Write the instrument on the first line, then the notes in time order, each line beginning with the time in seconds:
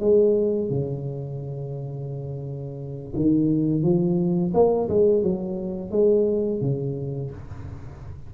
tuba
0.00 G#3
0.69 C#3
3.16 D#3
3.83 F3
4.53 A#3
4.89 G#3
5.23 F#3
5.91 G#3
6.61 C#3